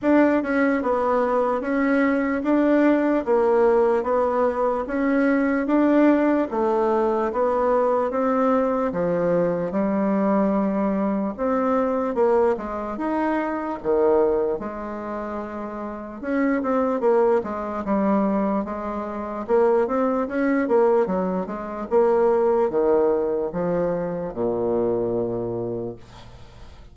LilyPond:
\new Staff \with { instrumentName = "bassoon" } { \time 4/4 \tempo 4 = 74 d'8 cis'8 b4 cis'4 d'4 | ais4 b4 cis'4 d'4 | a4 b4 c'4 f4 | g2 c'4 ais8 gis8 |
dis'4 dis4 gis2 | cis'8 c'8 ais8 gis8 g4 gis4 | ais8 c'8 cis'8 ais8 fis8 gis8 ais4 | dis4 f4 ais,2 | }